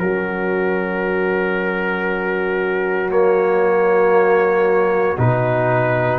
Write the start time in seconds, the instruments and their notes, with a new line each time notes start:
0.00 tuba F#3, trombone C#4, horn F#4, trumpet A#4
3.10 trombone A#3, trumpet C#5
5.17 tuba B2, trombone D#4, trumpet B4